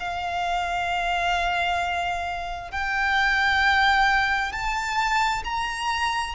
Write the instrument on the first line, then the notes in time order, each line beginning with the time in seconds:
violin
0.00 F5
2.71 G5
4.52 A5
5.44 A#5